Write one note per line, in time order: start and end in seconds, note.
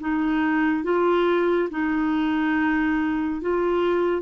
0.00 0.83 D#4
0.83 1.69 F4
1.70 3.41 D#4
3.41 4.22 F4